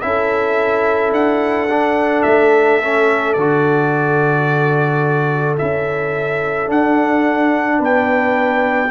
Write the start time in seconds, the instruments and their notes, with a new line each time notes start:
0.00 tuba C#4, trombone E4, trumpet E5
0.06 horn A4
1.11 tuba D4, trumpet F#5
1.70 trombone D4
2.22 tuba A3, trumpet E5
2.81 trombone C#4
3.33 tuba D3, trombone F#4, trumpet D5
5.57 tuba C#4, trombone E4, trumpet E5
6.66 trombone D4, tuba D4, trumpet F#5
7.78 tuba B3, horn B4, trumpet G5